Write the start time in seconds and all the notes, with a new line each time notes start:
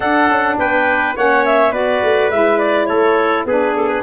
0.00 D4 A4 F#5
0.28 C#4
0.58 B3 B4 G5
1.16 A#3 C#4 C#5 F#5
1.45 E5
1.71 B3 F#4 B4 D5
2.03 A3
2.30 G#3 E4 E5
2.58 D5
2.86 A3 A4 C#5
3.45 B3 D4 G#4 B4
3.75 A4
3.88 B4